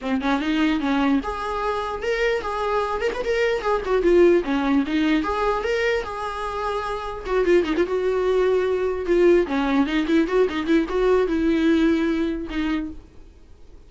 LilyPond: \new Staff \with { instrumentName = "viola" } { \time 4/4 \tempo 4 = 149 c'8 cis'8 dis'4 cis'4 gis'4~ | gis'4 ais'4 gis'4. ais'16 b'16 | ais'4 gis'8 fis'8 f'4 cis'4 | dis'4 gis'4 ais'4 gis'4~ |
gis'2 fis'8 f'8 dis'16 f'16 fis'8~ | fis'2~ fis'8 f'4 cis'8~ | cis'8 dis'8 e'8 fis'8 dis'8 e'8 fis'4 | e'2. dis'4 | }